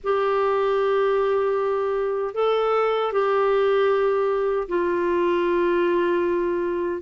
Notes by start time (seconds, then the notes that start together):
0.03 G4
2.34 A4
3.12 G4
4.68 F4